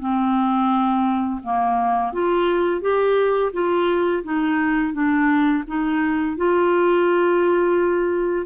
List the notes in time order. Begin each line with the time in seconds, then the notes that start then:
0.00 C4
1.44 A#3
2.13 F4
2.82 G4
3.53 F4
4.24 D#4
4.93 D4
5.68 D#4
6.37 F4